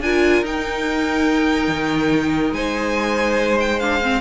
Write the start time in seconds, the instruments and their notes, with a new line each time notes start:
0.00 cello D4, viola F4, violin A#4 G#5
0.41 cello D#4, viola D#4, violin G5
1.67 cello D#3
2.51 cello G#3, violin C5 G#5
3.59 violin G5
3.79 viola D4, violin F5
4.01 viola C4